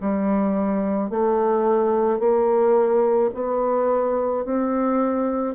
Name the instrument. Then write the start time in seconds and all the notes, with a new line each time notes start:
bassoon
0.00 G3
1.10 A3
2.19 A#3
3.34 B3
4.44 C4